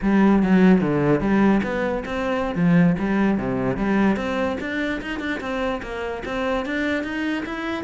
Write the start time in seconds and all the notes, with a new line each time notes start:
0.02 G3
0.42 F#3
0.80 D3
1.20 G3
1.63 B3
2.05 C4
2.55 F3
2.98 G3
3.37 C3
3.77 G3
4.16 C4
4.60 D4
5.01 D#4
5.19 D4
5.40 C4
5.82 A#3
6.25 C4
6.65 D4
7.03 D#4
7.45 E4